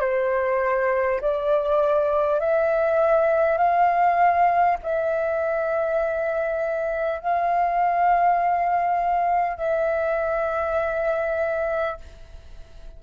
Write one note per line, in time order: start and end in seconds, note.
0.00 1.20 C5
1.20 2.39 D5
2.39 3.57 E5
3.57 4.77 F5
4.82 7.19 E5
7.19 9.57 F5
9.57 11.97 E5